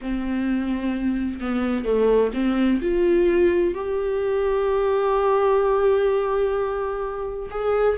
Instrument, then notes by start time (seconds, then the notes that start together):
viola
0.01 C4
1.40 B3
1.85 A3
2.34 C4
2.81 F4
3.74 G4
7.50 G#4